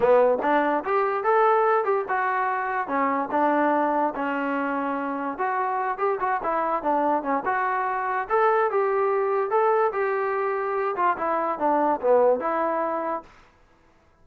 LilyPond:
\new Staff \with { instrumentName = "trombone" } { \time 4/4 \tempo 4 = 145 b4 d'4 g'4 a'4~ | a'8 g'8 fis'2 cis'4 | d'2 cis'2~ | cis'4 fis'4. g'8 fis'8 e'8~ |
e'8 d'4 cis'8 fis'2 | a'4 g'2 a'4 | g'2~ g'8 f'8 e'4 | d'4 b4 e'2 | }